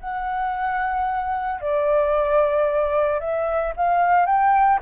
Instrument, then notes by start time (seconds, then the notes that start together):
flute
0.00 F#5
1.61 D5
3.20 E5
3.76 F5
4.26 G5